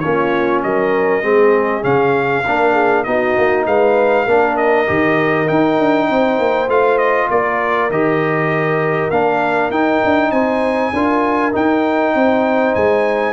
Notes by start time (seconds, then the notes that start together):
0.00 A#3 C#4 F4 C#5
0.63 F#3 A#4 D#5
1.23 G#3 C4 G#4
1.82 C#3 C#4 F5
2.46 A#3 D4 A#4
2.73 G#4
3.04 B3 D#4 F#4 D#5
3.38 A#3
3.66 G#3 B4 F5
4.26 A#3 D4 A#4
4.57 D#5
4.87 D#3 G4
5.46 D#4 G5
5.79 D4
6.08 C4 C5
6.39 A#3
6.68 A3 F4 F5
6.98 D#5
7.30 A#3 A#4 D5
7.90 D#3 G4 D#5
9.10 A#3 D4 F5
9.70 D#4 G5
10.05 D4
10.31 C4 C5 G#5
10.93 D4 F4 A#4
11.52 D#4 G5
12.15 C4 C5
12.75 G#3 G#5